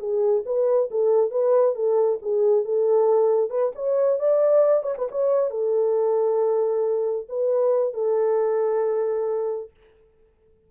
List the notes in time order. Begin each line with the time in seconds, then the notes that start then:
0.00 G#4
0.46 B4
0.91 A4
1.31 B4
1.75 A4
2.22 G#4
2.65 A4
3.51 B4
3.75 C#5
4.20 D5
4.84 C#5
4.98 B4
5.12 C#5
5.51 A4
7.29 B4
7.94 A4